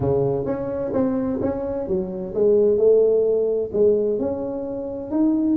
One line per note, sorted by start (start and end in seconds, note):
0.00 0.45 C#3
0.45 0.92 C#4
0.93 1.39 C4
1.41 1.87 C#4
1.87 2.34 F#3
2.34 2.77 G#3
2.77 3.70 A3
3.73 4.19 G#3
4.19 5.11 C#4
5.11 5.56 D#4